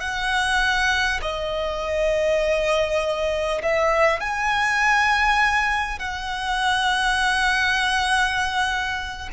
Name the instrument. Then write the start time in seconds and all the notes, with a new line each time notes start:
violin
0.00 F#5
1.22 D#5
3.62 E5
4.20 G#5
5.99 F#5